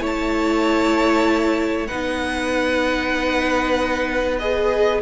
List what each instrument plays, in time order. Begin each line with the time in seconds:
0.00 cello A3, viola E4, violin C#5 A5
1.87 cello B3, viola D#4, violin B4 F#5
4.39 viola G#4, violin D#5